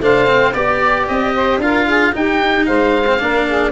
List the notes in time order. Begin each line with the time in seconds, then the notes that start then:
0.00 A3 D4 C5 F5
0.27 C4
0.54 B3 G4 D5
1.08 C4 D#5
1.35 C5
1.58 D4 F4 A#4 F5
1.86 G#4
2.12 D#4 G4 G5
2.66 G#3 C5 F5
3.07 C4
3.19 A#3 D4 A#4
3.47 G#4